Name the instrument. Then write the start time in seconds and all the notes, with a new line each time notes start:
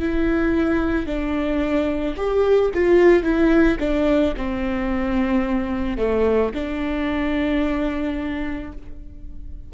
viola
0.00 E4
1.07 D4
2.17 G4
2.75 F4
3.23 E4
3.80 D4
4.37 C4
5.98 A3
6.55 D4